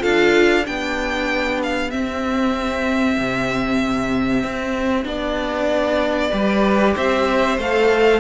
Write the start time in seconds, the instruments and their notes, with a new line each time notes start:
0.00 cello D4, viola F4, violin A4 F5
0.64 cello B3, viola D4, violin G4 G5
1.63 violin F5
1.91 viola C4, cello C4, violin E5
3.18 cello C3
4.43 cello C4
5.04 cello B3, viola D4, violin D5
6.30 cello G3, viola G4, violin B4
6.96 cello C4, violin C5 E5
7.58 cello A3, viola A4, violin F5